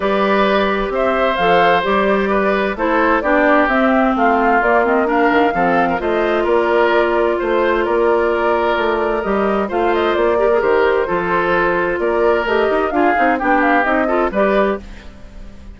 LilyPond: <<
  \new Staff \with { instrumentName = "flute" } { \time 4/4 \tempo 4 = 130 d''2 e''4 f''4 | d''2 c''4 d''4 | e''4 f''4 d''8 dis''8 f''4~ | f''4 dis''4 d''2 |
c''4 d''2. | dis''4 f''8 dis''8 d''4 c''4~ | c''2 d''4 dis''4 | f''4 g''8 f''8 dis''4 d''4 | }
  \new Staff \with { instrumentName = "oboe" } { \time 4/4 b'2 c''2~ | c''4 b'4 a'4 g'4~ | g'4 f'2 ais'4 | a'8. ais'16 c''4 ais'2 |
c''4 ais'2.~ | ais'4 c''4. ais'4. | a'2 ais'2 | gis'4 g'4. a'8 b'4 | }
  \new Staff \with { instrumentName = "clarinet" } { \time 4/4 g'2. a'4 | g'2 e'4 d'4 | c'2 ais8 c'8 d'4 | c'4 f'2.~ |
f'1 | g'4 f'4. g'16 gis'16 g'4 | f'2. g'4 | f'8 dis'8 d'4 dis'8 f'8 g'4 | }
  \new Staff \with { instrumentName = "bassoon" } { \time 4/4 g2 c'4 f4 | g2 a4 b4 | c'4 a4 ais4. dis8 | f4 a4 ais2 |
a4 ais2 a4 | g4 a4 ais4 dis4 | f2 ais4 a8 dis'8 | d'8 c'8 b4 c'4 g4 | }
>>